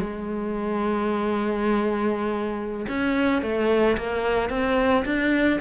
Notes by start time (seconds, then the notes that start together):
0.00 G#3
2.89 C#4
3.42 A3
3.97 A#3
4.50 C4
5.06 D4